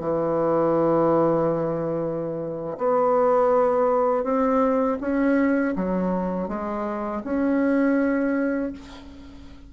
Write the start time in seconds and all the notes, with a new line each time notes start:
0.00 E3
2.78 B3
4.24 C4
5.01 C#4
5.76 F#3
6.48 G#3
7.24 C#4